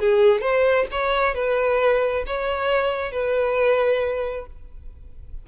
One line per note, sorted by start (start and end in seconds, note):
0.00 0.41 G#4
0.41 0.86 C5
0.92 1.35 C#5
1.35 2.24 B4
2.27 3.12 C#5
3.12 4.46 B4